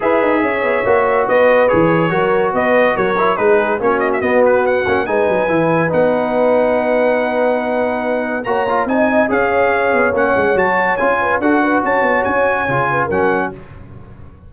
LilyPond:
<<
  \new Staff \with { instrumentName = "trumpet" } { \time 4/4 \tempo 4 = 142 e''2. dis''4 | cis''2 dis''4 cis''4 | b'4 cis''8 dis''16 e''16 dis''8 b'8 fis''4 | gis''2 fis''2~ |
fis''1 | ais''4 gis''4 f''2 | fis''4 a''4 gis''4 fis''4 | a''4 gis''2 fis''4 | }
  \new Staff \with { instrumentName = "horn" } { \time 4/4 b'4 cis''2 b'4~ | b'4 ais'4 b'4 ais'4 | gis'4 fis'2. | b'1~ |
b'1 | cis''4 dis''4 cis''2~ | cis''2~ cis''8 b'8 a'8 b'8 | cis''2~ cis''8 b'8 ais'4 | }
  \new Staff \with { instrumentName = "trombone" } { \time 4/4 gis'2 fis'2 | gis'4 fis'2~ fis'8 e'8 | dis'4 cis'4 b4. cis'8 | dis'4 e'4 dis'2~ |
dis'1 | fis'8 f'8 dis'4 gis'2 | cis'4 fis'4 f'4 fis'4~ | fis'2 f'4 cis'4 | }
  \new Staff \with { instrumentName = "tuba" } { \time 4/4 e'8 dis'8 cis'8 b8 ais4 b4 | e4 fis4 b4 fis4 | gis4 ais4 b4. ais8 | gis8 fis8 e4 b2~ |
b1 | ais4 c'4 cis'4. b8 | ais8 gis8 fis4 cis'4 d'4 | cis'8 b8 cis'4 cis4 fis4 | }
>>